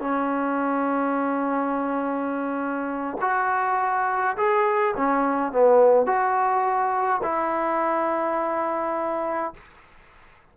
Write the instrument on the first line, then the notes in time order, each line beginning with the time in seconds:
trombone
0.00 C#4
3.21 F#4
4.37 G#4
4.96 C#4
5.52 B3
6.06 F#4
7.23 E4